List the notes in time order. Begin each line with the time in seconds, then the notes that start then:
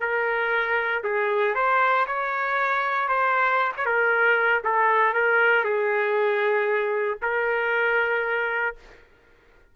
0.00 A#4
1.03 G#4
1.54 C5
2.07 C#5
3.08 C5
3.76 C#5
3.85 A#4
4.64 A4
5.13 A#4
5.64 G#4
7.22 A#4